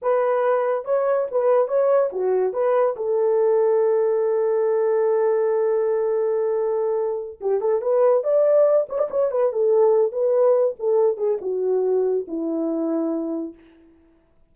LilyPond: \new Staff \with { instrumentName = "horn" } { \time 4/4 \tempo 4 = 142 b'2 cis''4 b'4 | cis''4 fis'4 b'4 a'4~ | a'1~ | a'1~ |
a'4. g'8 a'8 b'4 d''8~ | d''4 cis''16 d''16 cis''8 b'8 a'4. | b'4. a'4 gis'8 fis'4~ | fis'4 e'2. | }